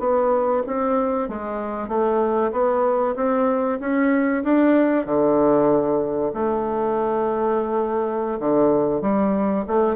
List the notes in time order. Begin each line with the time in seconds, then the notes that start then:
0.00 B3
0.67 C4
1.29 G#3
1.89 A3
2.53 B3
3.16 C4
3.81 C#4
4.44 D4
5.06 D3
6.34 A3
8.40 D3
9.02 G3
9.68 A3